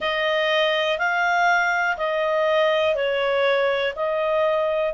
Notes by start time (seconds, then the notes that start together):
0.00 D#5
0.98 F5
1.97 D#5
2.95 C#5
3.95 D#5